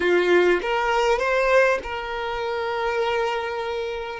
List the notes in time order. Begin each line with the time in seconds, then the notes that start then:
0.00 F4
0.61 A#4
1.18 C5
1.83 A#4